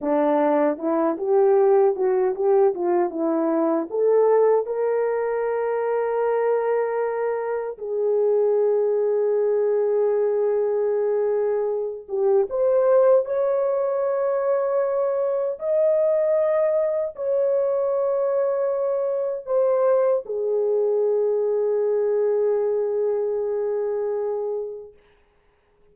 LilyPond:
\new Staff \with { instrumentName = "horn" } { \time 4/4 \tempo 4 = 77 d'4 e'8 g'4 fis'8 g'8 f'8 | e'4 a'4 ais'2~ | ais'2 gis'2~ | gis'2.~ gis'8 g'8 |
c''4 cis''2. | dis''2 cis''2~ | cis''4 c''4 gis'2~ | gis'1 | }